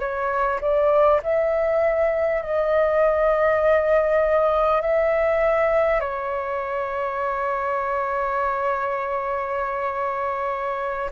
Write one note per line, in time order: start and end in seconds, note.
0.00 0.60 C#5
0.61 1.21 D5
1.23 2.42 E5
2.42 4.82 D#5
4.82 6.01 E5
6.01 11.11 C#5